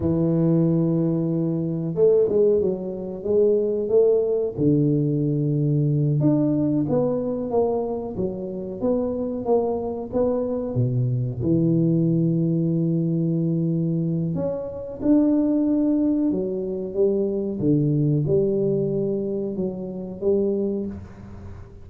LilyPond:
\new Staff \with { instrumentName = "tuba" } { \time 4/4 \tempo 4 = 92 e2. a8 gis8 | fis4 gis4 a4 d4~ | d4. d'4 b4 ais8~ | ais8 fis4 b4 ais4 b8~ |
b8 b,4 e2~ e8~ | e2 cis'4 d'4~ | d'4 fis4 g4 d4 | g2 fis4 g4 | }